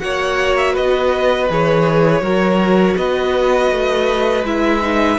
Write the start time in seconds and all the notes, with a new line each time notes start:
0.00 A#3 F#4 C#5 F#5
0.57 E5
0.74 B3 B4 D#5
1.50 E3 G#4 C#5
2.21 F#3 F#4 A#4
2.97 B3 B4 D#5
3.71 A3
4.44 G#3 E4 E5
4.82 D#4